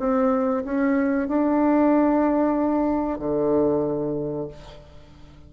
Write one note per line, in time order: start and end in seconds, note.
0.00 0.65 C4
0.65 1.29 C#4
1.29 3.19 D4
3.19 4.48 D3